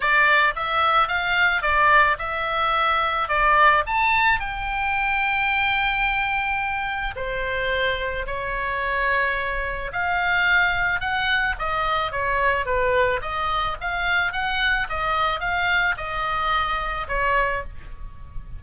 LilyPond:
\new Staff \with { instrumentName = "oboe" } { \time 4/4 \tempo 4 = 109 d''4 e''4 f''4 d''4 | e''2 d''4 a''4 | g''1~ | g''4 c''2 cis''4~ |
cis''2 f''2 | fis''4 dis''4 cis''4 b'4 | dis''4 f''4 fis''4 dis''4 | f''4 dis''2 cis''4 | }